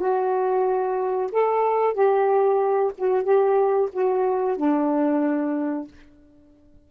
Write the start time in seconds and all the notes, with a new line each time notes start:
0.00 F#4
1.32 A4
1.94 G4
2.98 F#4
3.24 G4
3.93 F#4
4.57 D4